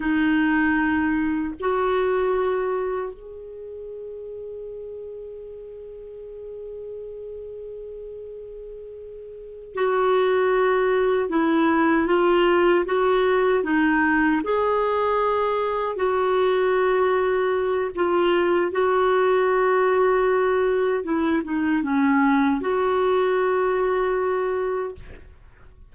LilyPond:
\new Staff \with { instrumentName = "clarinet" } { \time 4/4 \tempo 4 = 77 dis'2 fis'2 | gis'1~ | gis'1~ | gis'8 fis'2 e'4 f'8~ |
f'8 fis'4 dis'4 gis'4.~ | gis'8 fis'2~ fis'8 f'4 | fis'2. e'8 dis'8 | cis'4 fis'2. | }